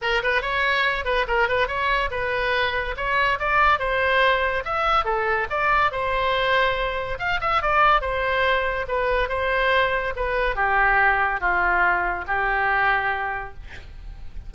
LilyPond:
\new Staff \with { instrumentName = "oboe" } { \time 4/4 \tempo 4 = 142 ais'8 b'8 cis''4. b'8 ais'8 b'8 | cis''4 b'2 cis''4 | d''4 c''2 e''4 | a'4 d''4 c''2~ |
c''4 f''8 e''8 d''4 c''4~ | c''4 b'4 c''2 | b'4 g'2 f'4~ | f'4 g'2. | }